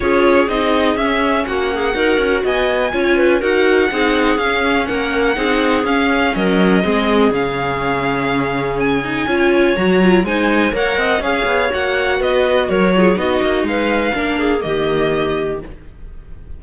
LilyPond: <<
  \new Staff \with { instrumentName = "violin" } { \time 4/4 \tempo 4 = 123 cis''4 dis''4 e''4 fis''4~ | fis''4 gis''2 fis''4~ | fis''4 f''4 fis''2 | f''4 dis''2 f''4~ |
f''2 gis''2 | ais''4 gis''4 fis''4 f''4 | fis''4 dis''4 cis''4 dis''4 | f''2 dis''2 | }
  \new Staff \with { instrumentName = "clarinet" } { \time 4/4 gis'2. fis'8 gis'8 | ais'4 dis''4 cis''8 b'8 ais'4 | gis'2 ais'4 gis'4~ | gis'4 ais'4 gis'2~ |
gis'2. cis''4~ | cis''4 c''4 cis''8 dis''8 cis''4~ | cis''4 b'4 ais'8 gis'8 fis'4 | b'4 ais'8 gis'8 g'2 | }
  \new Staff \with { instrumentName = "viola" } { \time 4/4 f'4 dis'4 cis'2 | fis'2 f'4 fis'4 | dis'4 cis'2 dis'4 | cis'2 c'4 cis'4~ |
cis'2~ cis'8 dis'8 f'4 | fis'8 f'8 dis'4 ais'4 gis'4 | fis'2~ fis'8 f'8 dis'4~ | dis'4 d'4 ais2 | }
  \new Staff \with { instrumentName = "cello" } { \time 4/4 cis'4 c'4 cis'4 ais4 | dis'8 cis'8 b4 cis'4 dis'4 | c'4 cis'4 ais4 c'4 | cis'4 fis4 gis4 cis4~ |
cis2. cis'4 | fis4 gis4 ais8 c'8 cis'8 b8 | ais4 b4 fis4 b8 ais8 | gis4 ais4 dis2 | }
>>